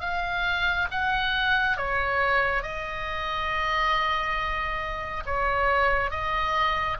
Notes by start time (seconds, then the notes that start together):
0.00 F5
0.91 F#5
1.77 C#5
2.62 D#5
5.26 C#5
6.10 D#5